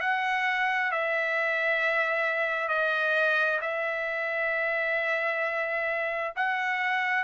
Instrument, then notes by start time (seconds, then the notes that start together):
trumpet
0.00 F#5
0.91 E5
2.68 D#5
3.61 E5
6.36 F#5